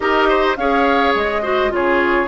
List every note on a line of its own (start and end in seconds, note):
0.00 0.57 D#4
0.00 0.56 G4
0.00 0.28 A#4
0.00 0.56 D#5
0.28 0.57 C5
0.56 1.14 C#4
0.56 1.42 G#4
0.56 1.42 C#5
0.56 1.13 F5
1.15 1.71 G#3
1.15 1.73 D#5
1.42 1.70 F#4
1.42 1.70 C5
1.70 2.27 C#3
1.70 2.27 F4
1.70 2.27 G#4
1.70 2.27 C#5